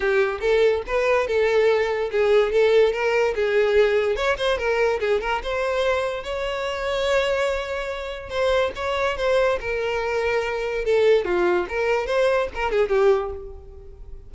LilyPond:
\new Staff \with { instrumentName = "violin" } { \time 4/4 \tempo 4 = 144 g'4 a'4 b'4 a'4~ | a'4 gis'4 a'4 ais'4 | gis'2 cis''8 c''8 ais'4 | gis'8 ais'8 c''2 cis''4~ |
cis''1 | c''4 cis''4 c''4 ais'4~ | ais'2 a'4 f'4 | ais'4 c''4 ais'8 gis'8 g'4 | }